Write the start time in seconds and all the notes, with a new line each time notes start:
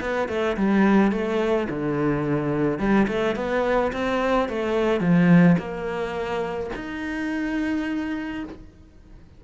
0.00 B3
0.28 A3
0.57 G3
1.11 A3
1.69 D3
2.78 G3
3.07 A3
3.35 B3
3.92 C4
4.48 A3
5.00 F3
5.58 A#3
6.75 D#4